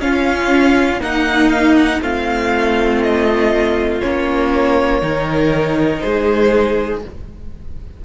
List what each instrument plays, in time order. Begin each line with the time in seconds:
0.00 cello C#4, viola C#4, violin F4 F5
1.00 viola A#3, violin D#4 F#5, cello D#4
1.50 violin F5
1.76 violin F#5
2.01 cello A3, viola C4, violin F4 F5
3.03 violin D#5
4.00 cello A#3, viola C#4, violin C#5
5.01 cello D#3, viola D#4, violin A#4
6.00 cello G#3, violin G#4 C5